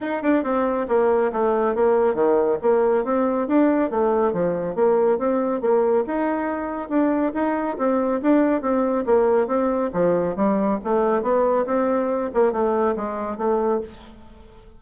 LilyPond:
\new Staff \with { instrumentName = "bassoon" } { \time 4/4 \tempo 4 = 139 dis'8 d'8 c'4 ais4 a4 | ais4 dis4 ais4 c'4 | d'4 a4 f4 ais4 | c'4 ais4 dis'2 |
d'4 dis'4 c'4 d'4 | c'4 ais4 c'4 f4 | g4 a4 b4 c'4~ | c'8 ais8 a4 gis4 a4 | }